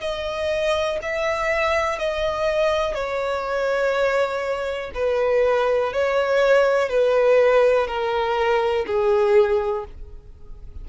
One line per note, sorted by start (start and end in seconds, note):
0.00 0.98 D#5
1.02 1.99 E5
1.99 2.95 D#5
2.95 4.91 C#5
4.94 5.93 B4
5.93 6.89 C#5
6.89 7.87 B4
7.87 8.86 A#4
8.86 9.85 G#4